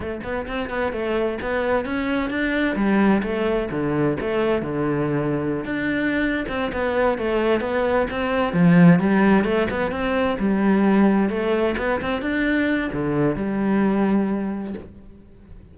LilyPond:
\new Staff \with { instrumentName = "cello" } { \time 4/4 \tempo 4 = 130 a8 b8 c'8 b8 a4 b4 | cis'4 d'4 g4 a4 | d4 a4 d2~ | d16 d'4.~ d'16 c'8 b4 a8~ |
a8 b4 c'4 f4 g8~ | g8 a8 b8 c'4 g4.~ | g8 a4 b8 c'8 d'4. | d4 g2. | }